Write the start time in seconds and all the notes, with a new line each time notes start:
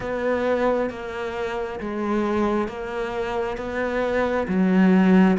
0.00 B3
0.90 A#3
1.80 G#3
2.67 A#3
3.57 B3
4.48 F#3